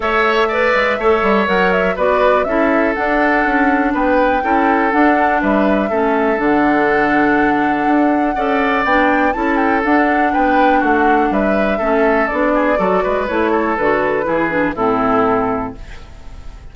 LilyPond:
<<
  \new Staff \with { instrumentName = "flute" } { \time 4/4 \tempo 4 = 122 e''2. fis''8 e''8 | d''4 e''4 fis''2 | g''2 fis''4 e''4~ | e''4 fis''2.~ |
fis''2 g''4 a''8 g''8 | fis''4 g''4 fis''4 e''4~ | e''4 d''2 cis''4 | b'2 a'2 | }
  \new Staff \with { instrumentName = "oboe" } { \time 4/4 cis''4 d''4 cis''2 | b'4 a'2. | b'4 a'2 b'4 | a'1~ |
a'4 d''2 a'4~ | a'4 b'4 fis'4 b'4 | a'4. gis'8 a'8 b'4 a'8~ | a'4 gis'4 e'2 | }
  \new Staff \with { instrumentName = "clarinet" } { \time 4/4 a'4 b'4 a'4 ais'4 | fis'4 e'4 d'2~ | d'4 e'4 d'2 | cis'4 d'2.~ |
d'4 a'4 d'4 e'4 | d'1 | cis'4 d'4 fis'4 e'4 | fis'4 e'8 d'8 c'2 | }
  \new Staff \with { instrumentName = "bassoon" } { \time 4/4 a4. gis8 a8 g8 fis4 | b4 cis'4 d'4 cis'4 | b4 cis'4 d'4 g4 | a4 d2. |
d'4 cis'4 b4 cis'4 | d'4 b4 a4 g4 | a4 b4 fis8 gis8 a4 | d4 e4 a,2 | }
>>